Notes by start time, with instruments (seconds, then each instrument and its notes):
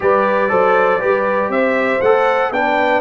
0.00 tuba G3, trombone G4, horn B4, trumpet D5
0.48 tuba F#3, trombone A4, horn C5
0.99 tuba G3, trombone G4, horn B4
1.48 tuba C4, horn C5, trumpet E5
2.01 tuba A3, trombone A4, trumpet F#5
2.50 tuba B3, trombone D4, horn B4, trumpet G5